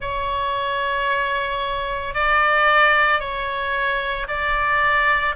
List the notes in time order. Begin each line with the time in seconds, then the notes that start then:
0.00 C#5
2.14 D5
3.19 C#5
4.28 D5